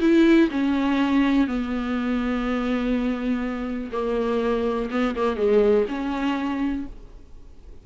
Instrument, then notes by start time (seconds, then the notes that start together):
viola
0.00 E4
0.50 C#4
1.47 B3
3.92 A#3
4.90 B3
5.15 A#3
5.36 G#3
5.88 C#4